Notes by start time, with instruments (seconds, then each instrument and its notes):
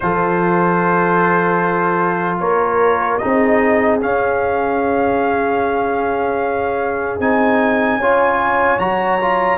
0.00 tuba F3, trombone F4, horn A4, trumpet C5
2.39 tuba A#3, horn A#4, trumpet C#5
3.18 trombone D#4, horn G#4, trumpet D#5
3.24 tuba C4
4.01 trombone C#4, tuba C#4, trumpet F5
7.19 tuba C4, trombone D#4, trumpet G#5
7.97 tuba C#4, trombone F4, horn C#5
8.78 tuba F#3, trombone F#4, trumpet A#5
9.21 trombone F4